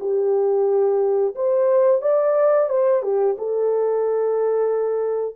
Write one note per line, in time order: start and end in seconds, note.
0.00 1.35 G4
1.35 2.02 C5
2.02 2.69 D5
2.69 3.02 C5
3.02 3.36 G4
3.38 5.36 A4